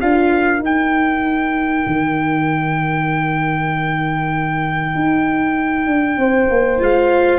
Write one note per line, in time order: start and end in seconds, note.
0.00 0.59 D4
0.00 0.60 F4
0.00 6.18 A#4
0.00 0.62 F5
0.59 1.83 D#4
0.59 6.79 D#4
0.59 6.83 G5
1.86 4.94 D#3
4.94 5.87 D#4
5.87 6.17 D4
6.17 6.48 C4
6.17 7.38 C5
6.49 6.80 A#3
6.79 7.38 G#3
6.79 7.38 F4
6.79 7.38 F5